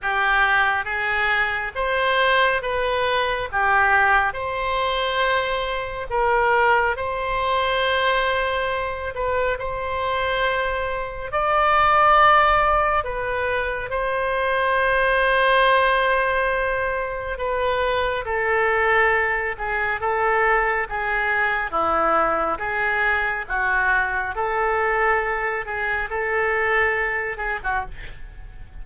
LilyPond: \new Staff \with { instrumentName = "oboe" } { \time 4/4 \tempo 4 = 69 g'4 gis'4 c''4 b'4 | g'4 c''2 ais'4 | c''2~ c''8 b'8 c''4~ | c''4 d''2 b'4 |
c''1 | b'4 a'4. gis'8 a'4 | gis'4 e'4 gis'4 fis'4 | a'4. gis'8 a'4. gis'16 fis'16 | }